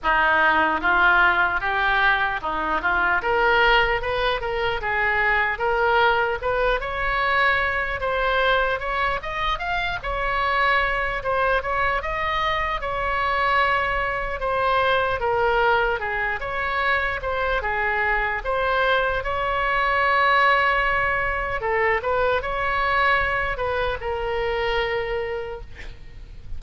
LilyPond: \new Staff \with { instrumentName = "oboe" } { \time 4/4 \tempo 4 = 75 dis'4 f'4 g'4 dis'8 f'8 | ais'4 b'8 ais'8 gis'4 ais'4 | b'8 cis''4. c''4 cis''8 dis''8 | f''8 cis''4. c''8 cis''8 dis''4 |
cis''2 c''4 ais'4 | gis'8 cis''4 c''8 gis'4 c''4 | cis''2. a'8 b'8 | cis''4. b'8 ais'2 | }